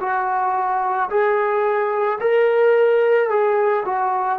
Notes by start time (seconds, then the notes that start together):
0.00 F#4
1.10 G#4
2.21 A#4
3.29 G#4
3.85 F#4